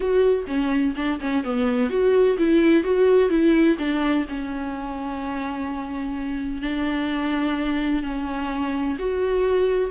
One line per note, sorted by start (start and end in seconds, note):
0.00 0.45 F#4
0.47 0.94 C#4
0.96 1.19 D4
1.20 1.44 C#4
1.44 1.89 B3
1.89 2.37 F#4
2.38 2.83 E4
2.83 3.29 F#4
3.29 3.77 E4
3.78 4.25 D4
4.28 6.61 C#4
6.61 8.03 D4
8.03 8.97 C#4
8.98 9.90 F#4